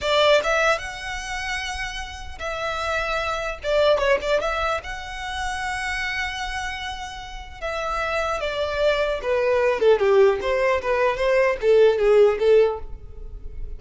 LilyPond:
\new Staff \with { instrumentName = "violin" } { \time 4/4 \tempo 4 = 150 d''4 e''4 fis''2~ | fis''2 e''2~ | e''4 d''4 cis''8 d''8 e''4 | fis''1~ |
fis''2. e''4~ | e''4 d''2 b'4~ | b'8 a'8 g'4 c''4 b'4 | c''4 a'4 gis'4 a'4 | }